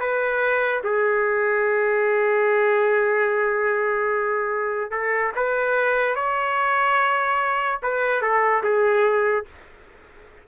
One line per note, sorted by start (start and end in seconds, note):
0.00 0.82 B4
0.84 4.92 G#4
4.92 5.33 A4
5.36 6.16 B4
6.16 7.80 C#5
7.83 8.22 B4
8.22 8.63 A4
8.64 9.46 G#4